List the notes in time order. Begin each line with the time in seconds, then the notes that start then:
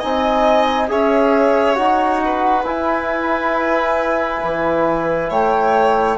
0.00 C4 D#4 D#5 G#5
0.89 C#4 G#4 C#5 E5
1.75 D#4 F#4 F#5
2.25 B4
2.64 E4 G#5
4.43 E3
5.30 A3 C#5 G5